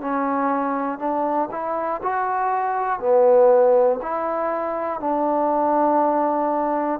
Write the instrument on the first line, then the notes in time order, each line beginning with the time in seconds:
trombone
0.00 C#4
0.99 D4
1.51 E4
2.02 F#4
3.00 B3
4.01 E4
5.00 D4